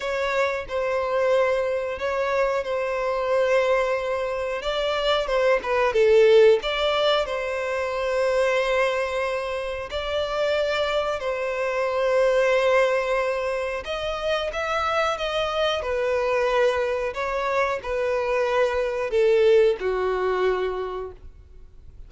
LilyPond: \new Staff \with { instrumentName = "violin" } { \time 4/4 \tempo 4 = 91 cis''4 c''2 cis''4 | c''2. d''4 | c''8 b'8 a'4 d''4 c''4~ | c''2. d''4~ |
d''4 c''2.~ | c''4 dis''4 e''4 dis''4 | b'2 cis''4 b'4~ | b'4 a'4 fis'2 | }